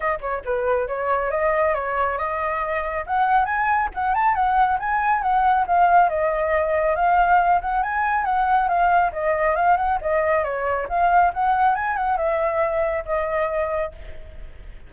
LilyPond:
\new Staff \with { instrumentName = "flute" } { \time 4/4 \tempo 4 = 138 dis''8 cis''8 b'4 cis''4 dis''4 | cis''4 dis''2 fis''4 | gis''4 fis''8 a''8 fis''4 gis''4 | fis''4 f''4 dis''2 |
f''4. fis''8 gis''4 fis''4 | f''4 dis''4 f''8 fis''8 dis''4 | cis''4 f''4 fis''4 gis''8 fis''8 | e''2 dis''2 | }